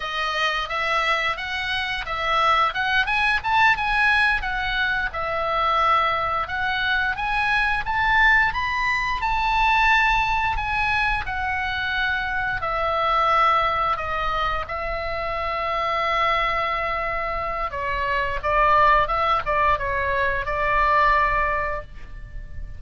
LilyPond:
\new Staff \with { instrumentName = "oboe" } { \time 4/4 \tempo 4 = 88 dis''4 e''4 fis''4 e''4 | fis''8 gis''8 a''8 gis''4 fis''4 e''8~ | e''4. fis''4 gis''4 a''8~ | a''8 b''4 a''2 gis''8~ |
gis''8 fis''2 e''4.~ | e''8 dis''4 e''2~ e''8~ | e''2 cis''4 d''4 | e''8 d''8 cis''4 d''2 | }